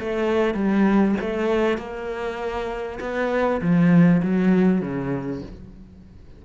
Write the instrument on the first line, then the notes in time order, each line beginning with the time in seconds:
cello
0.00 A3
0.55 G3
1.21 A3
1.78 A#3
3.01 B3
3.61 F3
4.23 F#3
4.82 C#3